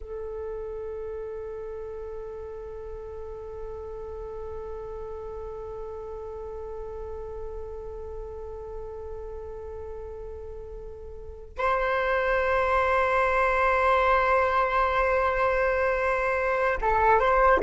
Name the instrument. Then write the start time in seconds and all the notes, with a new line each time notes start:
flute
0.00 A4
11.58 C5
16.81 A4
17.19 C5